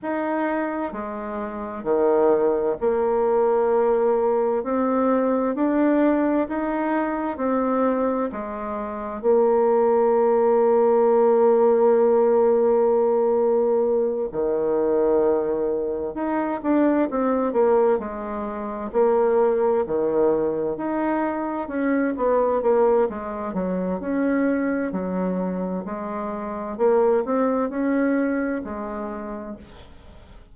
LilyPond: \new Staff \with { instrumentName = "bassoon" } { \time 4/4 \tempo 4 = 65 dis'4 gis4 dis4 ais4~ | ais4 c'4 d'4 dis'4 | c'4 gis4 ais2~ | ais2.~ ais8 dis8~ |
dis4. dis'8 d'8 c'8 ais8 gis8~ | gis8 ais4 dis4 dis'4 cis'8 | b8 ais8 gis8 fis8 cis'4 fis4 | gis4 ais8 c'8 cis'4 gis4 | }